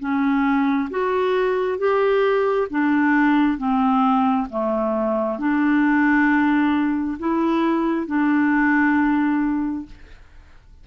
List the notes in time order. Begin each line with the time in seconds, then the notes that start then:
0.00 C#4
0.90 F#4
1.79 G4
2.71 D4
3.58 C4
4.50 A3
5.39 D4
7.19 E4
8.07 D4